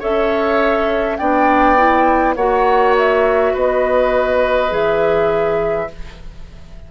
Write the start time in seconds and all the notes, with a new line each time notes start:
0.00 C#4 A4 C#5 E5
1.17 B3 D4 D5 G5
1.78 E4
2.36 A#3 F#4 C#5 F#5
2.98 E5
3.53 B3 B4 D#5
4.70 E3 G#4 E5